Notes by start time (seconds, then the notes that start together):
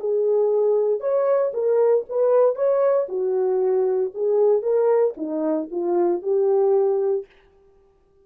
0.00 G#4
1.01 C#5
1.54 A#4
2.10 B4
2.56 C#5
3.09 F#4
4.15 G#4
4.63 A#4
5.17 D#4
5.72 F4
6.23 G4